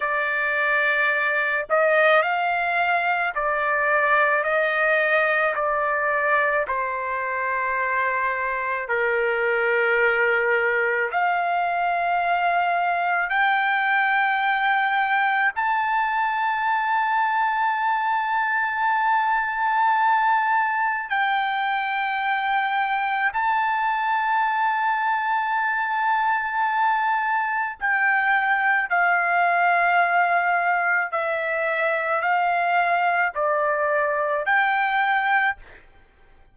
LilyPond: \new Staff \with { instrumentName = "trumpet" } { \time 4/4 \tempo 4 = 54 d''4. dis''8 f''4 d''4 | dis''4 d''4 c''2 | ais'2 f''2 | g''2 a''2~ |
a''2. g''4~ | g''4 a''2.~ | a''4 g''4 f''2 | e''4 f''4 d''4 g''4 | }